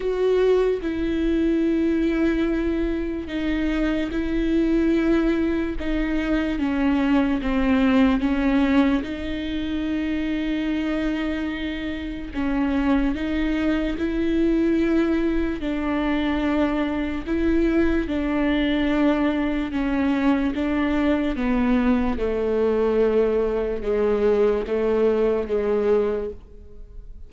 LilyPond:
\new Staff \with { instrumentName = "viola" } { \time 4/4 \tempo 4 = 73 fis'4 e'2. | dis'4 e'2 dis'4 | cis'4 c'4 cis'4 dis'4~ | dis'2. cis'4 |
dis'4 e'2 d'4~ | d'4 e'4 d'2 | cis'4 d'4 b4 a4~ | a4 gis4 a4 gis4 | }